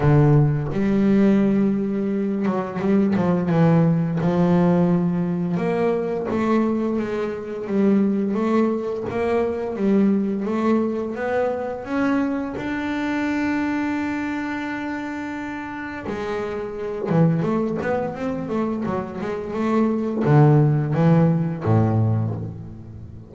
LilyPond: \new Staff \with { instrumentName = "double bass" } { \time 4/4 \tempo 4 = 86 d4 g2~ g8 fis8 | g8 f8 e4 f2 | ais4 a4 gis4 g4 | a4 ais4 g4 a4 |
b4 cis'4 d'2~ | d'2. gis4~ | gis8 e8 a8 b8 c'8 a8 fis8 gis8 | a4 d4 e4 a,4 | }